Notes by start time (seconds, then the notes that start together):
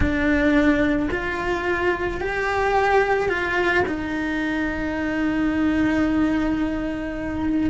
0.00 D4
1.10 F4
2.20 G4
3.29 F4
3.87 D#4